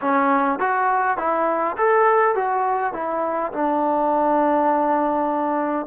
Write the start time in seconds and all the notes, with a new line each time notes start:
0.01 C#4
0.59 F#4
1.17 E4
1.77 A4
2.35 F#4
2.93 E4
3.52 D4